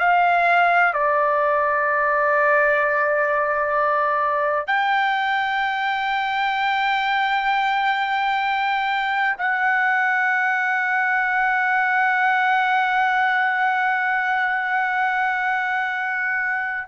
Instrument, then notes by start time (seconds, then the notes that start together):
trumpet
0.00 F5
0.94 D5
4.67 G5
9.38 F#5